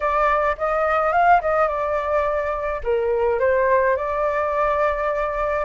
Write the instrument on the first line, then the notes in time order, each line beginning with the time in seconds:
flute
0.00 D5
0.57 D#5
1.12 F5
1.41 D#5
1.67 D5
2.83 A#4
3.39 C5
3.96 D5